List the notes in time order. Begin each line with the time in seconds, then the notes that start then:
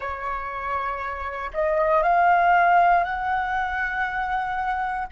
0.00 C#5
1.53 D#5
2.02 F5
3.04 F#5